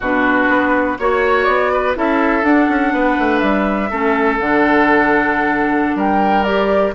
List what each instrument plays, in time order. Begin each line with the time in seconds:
0.00 bassoon B2, clarinet D4, oboe F#4, flute B4
0.48 bassoon B3
0.98 bassoon A#3, clarinet F#4, flute C#5, oboe C#5
1.44 bassoon B3, flute D5
1.72 oboe B4
1.95 bassoon C#4, clarinet E4, oboe A4, flute E5
2.42 clarinet D4, bassoon D4, flute F#5
2.69 bassoon C#4
2.92 bassoon B3, oboe B4
3.18 bassoon A3
3.38 bassoon G3, flute E5
3.90 bassoon A3, clarinet C#4, oboe A4
4.39 bassoon D3, clarinet D4, flute F#5
5.95 bassoon G3, oboe A#4, flute G5
6.43 clarinet G4, flute D5